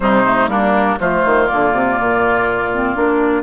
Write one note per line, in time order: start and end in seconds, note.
0.00 0.47 C3
0.00 0.24 G3
0.00 0.49 D#4
0.00 0.49 C5
0.25 0.49 A3
0.47 0.97 G3
0.47 0.98 A#3
0.47 0.98 D4
0.47 0.98 A#4
1.00 1.24 F3
1.00 1.48 A3
1.00 3.42 F4
1.00 1.46 C5
1.25 1.49 D#3
1.46 2.71 A#3
1.46 3.42 D5
1.52 1.73 D3
1.73 1.98 C3
1.99 2.96 A#2
2.72 2.95 C4
2.95 3.42 A#3
2.95 3.42 D4